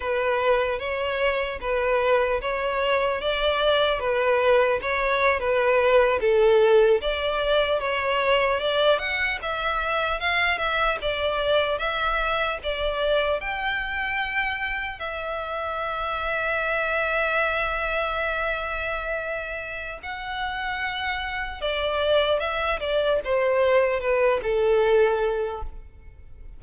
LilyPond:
\new Staff \with { instrumentName = "violin" } { \time 4/4 \tempo 4 = 75 b'4 cis''4 b'4 cis''4 | d''4 b'4 cis''8. b'4 a'16~ | a'8. d''4 cis''4 d''8 fis''8 e''16~ | e''8. f''8 e''8 d''4 e''4 d''16~ |
d''8. g''2 e''4~ e''16~ | e''1~ | e''4 fis''2 d''4 | e''8 d''8 c''4 b'8 a'4. | }